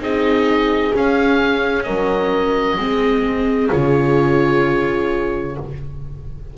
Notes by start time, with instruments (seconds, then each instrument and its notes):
0.00 double bass C4, viola D#4, horn G#4, oboe D#5
0.94 viola C#4, double bass C#4, oboe F5
1.83 double bass F#3, horn A#4, oboe D#5
2.77 double bass G#3, viola C4, horn G#4
3.70 double bass C#3, viola F4, oboe C#5